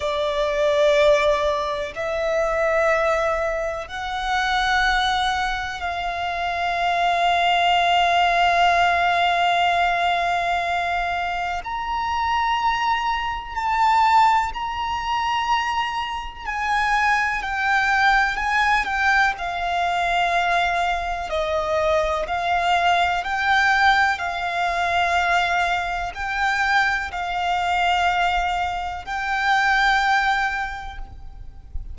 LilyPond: \new Staff \with { instrumentName = "violin" } { \time 4/4 \tempo 4 = 62 d''2 e''2 | fis''2 f''2~ | f''1 | ais''2 a''4 ais''4~ |
ais''4 gis''4 g''4 gis''8 g''8 | f''2 dis''4 f''4 | g''4 f''2 g''4 | f''2 g''2 | }